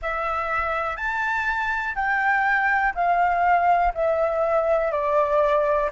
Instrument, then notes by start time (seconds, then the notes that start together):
flute
0.01 E5
0.96 A5
1.95 G5
2.94 F5
3.94 E5
4.91 D5